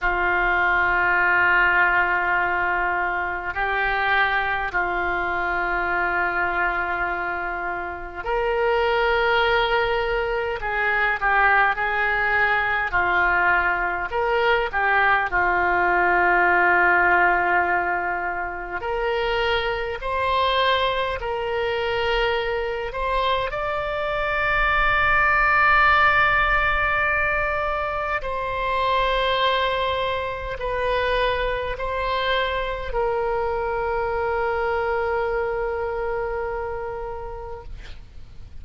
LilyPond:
\new Staff \with { instrumentName = "oboe" } { \time 4/4 \tempo 4 = 51 f'2. g'4 | f'2. ais'4~ | ais'4 gis'8 g'8 gis'4 f'4 | ais'8 g'8 f'2. |
ais'4 c''4 ais'4. c''8 | d''1 | c''2 b'4 c''4 | ais'1 | }